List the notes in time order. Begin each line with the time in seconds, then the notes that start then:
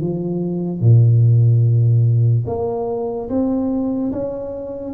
0.00 F3
0.80 A#2
2.46 A#3
3.29 C4
4.12 C#4